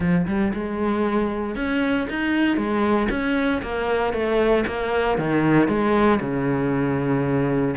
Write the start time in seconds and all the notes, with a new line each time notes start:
0.00 F3
0.27 G3
0.53 G#3
1.55 C#4
2.09 D#4
2.57 G#3
3.09 C#4
3.62 A#3
4.13 A3
4.66 A#3
5.18 D#3
5.68 G#3
6.20 C#3